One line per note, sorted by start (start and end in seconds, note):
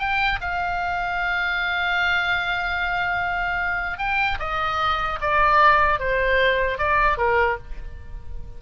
0.00 0.40 G5
0.42 3.99 F5
3.99 4.39 G5
4.40 5.20 D#5
5.21 6.00 D5
6.00 6.79 C5
6.79 7.18 D5
7.18 7.58 A#4